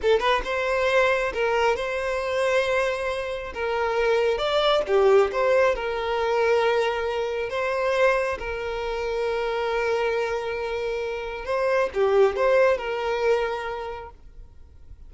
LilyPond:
\new Staff \with { instrumentName = "violin" } { \time 4/4 \tempo 4 = 136 a'8 b'8 c''2 ais'4 | c''1 | ais'2 d''4 g'4 | c''4 ais'2.~ |
ais'4 c''2 ais'4~ | ais'1~ | ais'2 c''4 g'4 | c''4 ais'2. | }